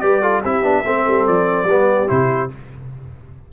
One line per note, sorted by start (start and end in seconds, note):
0.00 0.43 G3
0.00 0.22 G4
0.00 0.21 B4
0.00 0.41 D5
0.21 0.43 F4
0.21 0.42 A4
0.42 0.62 C4
0.42 0.63 E4
0.42 0.83 G4
0.42 1.27 E5
0.62 0.83 B3
0.62 0.84 D4
0.85 1.06 A3
0.85 1.67 C4
0.85 1.68 A4
1.07 1.27 G3
1.27 1.64 F3
1.27 2.09 D5
1.64 2.05 G3
1.64 2.07 B3
1.64 2.52 G4
2.07 2.51 C3
2.07 2.48 E4
2.07 2.50 C5